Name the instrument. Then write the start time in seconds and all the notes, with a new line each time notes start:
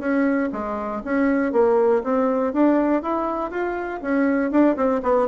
bassoon
0.00 C#4
0.53 G#3
1.05 C#4
1.52 A#3
2.04 C4
2.53 D4
3.02 E4
3.51 F4
4.02 C#4
4.51 D4
4.76 C4
5.03 B3